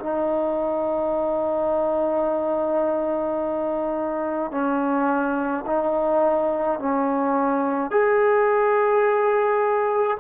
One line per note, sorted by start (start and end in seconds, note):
0.00 4.52 D#4
4.52 5.65 C#4
5.67 6.80 D#4
6.80 7.91 C#4
7.91 10.17 G#4